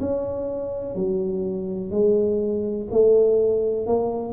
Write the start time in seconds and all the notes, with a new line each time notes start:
0.00 C#4
0.95 F#3
1.91 G#3
2.91 A3
3.87 A#3